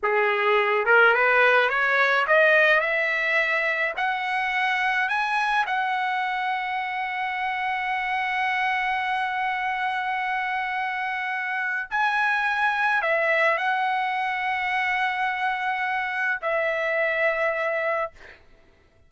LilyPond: \new Staff \with { instrumentName = "trumpet" } { \time 4/4 \tempo 4 = 106 gis'4. ais'8 b'4 cis''4 | dis''4 e''2 fis''4~ | fis''4 gis''4 fis''2~ | fis''1~ |
fis''1~ | fis''4 gis''2 e''4 | fis''1~ | fis''4 e''2. | }